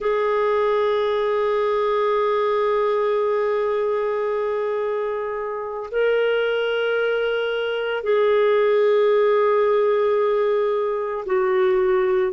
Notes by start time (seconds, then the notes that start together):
0.00 G#4
5.91 A#4
8.03 G#4
11.25 F#4